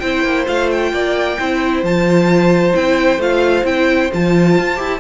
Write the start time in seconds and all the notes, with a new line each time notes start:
0.00 C4 E4 C5 G5
0.24 A#3
0.47 A3 F4 F5
0.72 G5
0.93 A#3 D5
1.39 C4 E4 C5
1.83 F3 F4 A5
2.73 C4 E4 G5
3.18 A3 F4 F5
3.64 C4 E4 G5
4.13 F3 F4 A5
4.59 F4
4.77 E4 G4